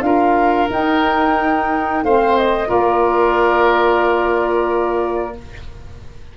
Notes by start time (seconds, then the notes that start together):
0.00 D4 F4 A#4 F5
0.70 D#4 G5
2.03 A3 C4 C5 F5
2.37 D#5
2.66 A#3 F4 A#4 D5